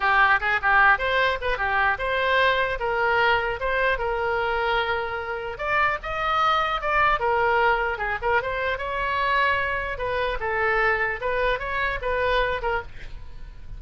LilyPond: \new Staff \with { instrumentName = "oboe" } { \time 4/4 \tempo 4 = 150 g'4 gis'8 g'4 c''4 b'8 | g'4 c''2 ais'4~ | ais'4 c''4 ais'2~ | ais'2 d''4 dis''4~ |
dis''4 d''4 ais'2 | gis'8 ais'8 c''4 cis''2~ | cis''4 b'4 a'2 | b'4 cis''4 b'4. ais'8 | }